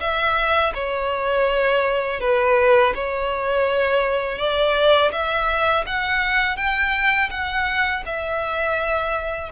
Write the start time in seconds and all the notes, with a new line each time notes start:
0.00 E5
0.74 C#5
2.20 B4
2.94 C#5
4.38 D5
5.12 E5
5.86 F#5
6.57 G5
7.30 F#5
8.06 E5